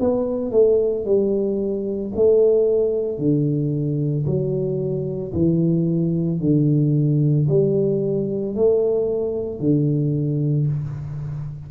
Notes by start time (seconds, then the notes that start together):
0.00 B3
0.52 A3
1.06 G3
2.16 A3
3.19 D3
4.27 F#3
5.34 E3
6.40 D3
7.49 G3
8.56 A3
9.60 D3